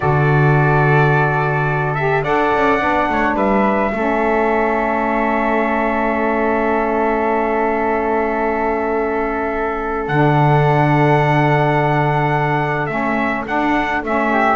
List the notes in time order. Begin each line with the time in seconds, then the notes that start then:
0.00 D3 F#4 A4 D5
1.94 G4 E5
2.23 D4 A4 D5 F#5
2.54 C#4
2.79 B3 D4
3.08 A3 C#5
3.34 G3 B4 E5
3.92 A3 C#4 A4
10.07 D3 D4 F#5
12.86 A3 C#4 E5
13.46 D4 F#5
14.03 A3 C#4 E5
14.31 G4